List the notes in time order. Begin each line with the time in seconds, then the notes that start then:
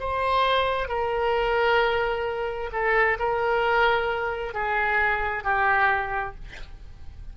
0.00 C5
0.88 A#4
2.72 A4
3.19 A#4
4.54 G#4
5.44 G4